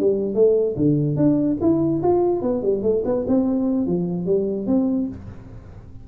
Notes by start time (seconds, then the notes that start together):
0.00 G3
0.35 A3
0.77 D3
1.17 D4
1.61 E4
2.03 F4
2.42 B3
2.63 G3
2.83 A3
3.05 B3
3.28 C4
3.87 F3
4.26 G3
4.67 C4